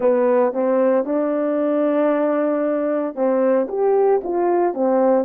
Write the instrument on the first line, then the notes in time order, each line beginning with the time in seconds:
horn
0.00 B3
0.53 C4
1.05 D4
3.15 C4
3.68 G4
4.23 F4
4.74 C4